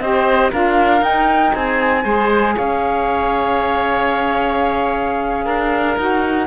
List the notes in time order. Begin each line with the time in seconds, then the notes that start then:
0.00 C4 G4 C5 D#5
0.52 D4 F4 A#4 F5
1.00 D#4 G5
1.54 C4 G#4 G#5
2.04 G#3 G#4 C5
2.56 C#4 C#5 F5
5.45 D4 A#4
5.98 D#4 F#4 F#5